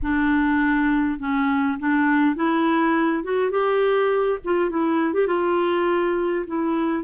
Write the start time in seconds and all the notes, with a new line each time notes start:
0.02 D4
1.19 C#4
1.79 D4
2.35 E4
3.23 F#4
3.50 G4
4.44 F4
4.70 E4
5.13 G4
5.27 F4
6.46 E4